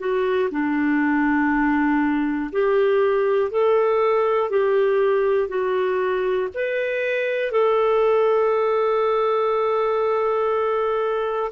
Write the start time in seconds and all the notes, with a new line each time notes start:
0.00 F#4
0.51 D4
2.53 G4
3.51 A4
4.50 G4
5.49 F#4
6.55 B4
7.52 A4